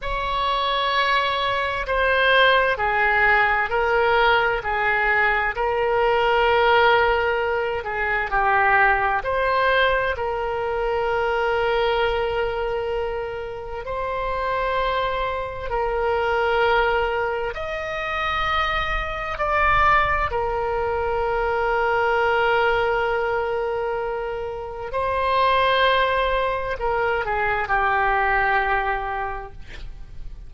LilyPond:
\new Staff \with { instrumentName = "oboe" } { \time 4/4 \tempo 4 = 65 cis''2 c''4 gis'4 | ais'4 gis'4 ais'2~ | ais'8 gis'8 g'4 c''4 ais'4~ | ais'2. c''4~ |
c''4 ais'2 dis''4~ | dis''4 d''4 ais'2~ | ais'2. c''4~ | c''4 ais'8 gis'8 g'2 | }